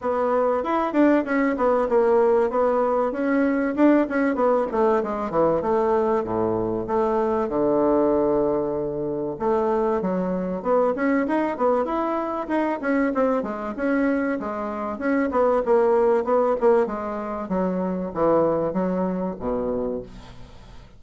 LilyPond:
\new Staff \with { instrumentName = "bassoon" } { \time 4/4 \tempo 4 = 96 b4 e'8 d'8 cis'8 b8 ais4 | b4 cis'4 d'8 cis'8 b8 a8 | gis8 e8 a4 a,4 a4 | d2. a4 |
fis4 b8 cis'8 dis'8 b8 e'4 | dis'8 cis'8 c'8 gis8 cis'4 gis4 | cis'8 b8 ais4 b8 ais8 gis4 | fis4 e4 fis4 b,4 | }